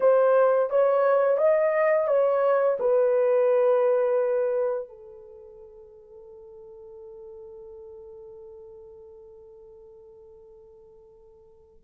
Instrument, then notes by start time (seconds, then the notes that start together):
horn
0.00 C5
0.69 C#5
1.37 D#5
2.07 C#5
2.79 B4
4.88 A4